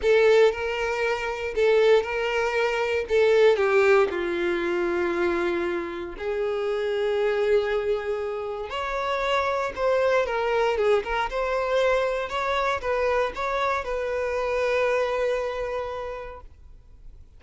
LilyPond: \new Staff \with { instrumentName = "violin" } { \time 4/4 \tempo 4 = 117 a'4 ais'2 a'4 | ais'2 a'4 g'4 | f'1 | gis'1~ |
gis'4 cis''2 c''4 | ais'4 gis'8 ais'8 c''2 | cis''4 b'4 cis''4 b'4~ | b'1 | }